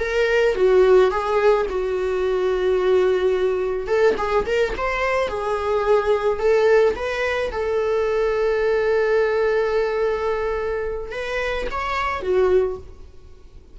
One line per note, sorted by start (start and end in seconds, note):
0.00 0.56 A#4
0.56 1.11 F#4
1.11 1.67 G#4
1.70 3.87 F#4
3.87 4.15 A4
4.18 4.46 G#4
4.46 4.74 A#4
4.78 5.28 C5
5.28 6.39 G#4
6.39 6.95 A4
6.96 7.51 B4
7.52 11.12 A4
11.12 11.67 B4
11.71 12.22 C#5
12.22 12.78 F#4